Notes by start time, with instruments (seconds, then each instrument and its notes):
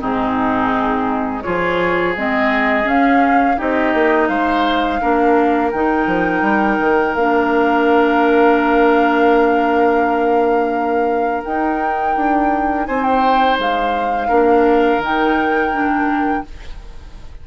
0.00 bassoon G#2, clarinet C4, oboe D#4, flute G#4
1.43 bassoon F3, clarinet F4, oboe G#4, flute C#5
2.17 bassoon G#3, clarinet C4, flute D#5
2.84 clarinet C#4, bassoon C#4, flute F5
3.57 bassoon C4, clarinet D#4, oboe G4, flute D#5
3.94 bassoon A#3
4.29 bassoon G#3, oboe C5, flute F5
5.01 bassoon A#3, clarinet D4, oboe A#4
5.72 bassoon D#3, clarinet D#4, flute G5
6.07 bassoon F3
6.42 bassoon G3
6.81 bassoon D#3
7.15 bassoon A#3, clarinet D4, flute F5
11.44 clarinet D#4, bassoon D#4, flute G5
12.17 bassoon D4
12.87 bassoon C4, oboe C5, flute G#5
13.04 flute G5
13.59 bassoon G#3, flute F5
14.29 bassoon A#3, clarinet D4, oboe A#4
14.99 bassoon D#3, clarinet D#4
15.05 flute G5
15.73 clarinet D4